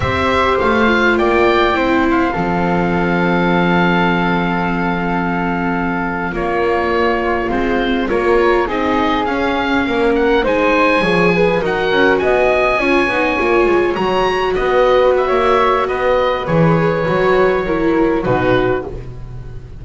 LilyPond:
<<
  \new Staff \with { instrumentName = "oboe" } { \time 4/4 \tempo 4 = 102 e''4 f''4 g''4. f''8~ | f''1~ | f''2~ f''8. cis''4~ cis''16~ | cis''8. c''4 cis''4 dis''4 f''16~ |
f''4~ f''16 fis''8 gis''2 fis''16~ | fis''8. gis''2. ais''16~ | ais''8. dis''4 e''4~ e''16 dis''4 | cis''2. b'4 | }
  \new Staff \with { instrumentName = "flute" } { \time 4/4 c''2 d''4 c''4 | a'1~ | a'2~ a'8. f'4~ f'16~ | f'4.~ f'16 ais'4 gis'4~ gis'16~ |
gis'8. ais'4 c''4 cis''8 b'8 ais'16~ | ais'8. dis''4 cis''2~ cis''16~ | cis''8. b'4~ b'16 cis''4 b'4~ | b'2 ais'4 fis'4 | }
  \new Staff \with { instrumentName = "viola" } { \time 4/4 g'4. f'4. e'4 | c'1~ | c'2~ c'8. ais4~ ais16~ | ais8. c'4 f'4 dis'4 cis'16~ |
cis'4.~ cis'16 dis'4 gis'4 fis'16~ | fis'4.~ fis'16 f'8 dis'8 f'4 fis'16~ | fis'1 | gis'4 fis'4 e'4 dis'4 | }
  \new Staff \with { instrumentName = "double bass" } { \time 4/4 c'4 a4 ais4 c'4 | f1~ | f2~ f8. ais4~ ais16~ | ais8. gis4 ais4 c'4 cis'16~ |
cis'8. ais4 gis4 f4 dis'16~ | dis'16 cis'8 b4 cis'8 b8 ais8 gis8 fis16~ | fis8. b4~ b16 ais4 b4 | e4 fis2 b,4 | }
>>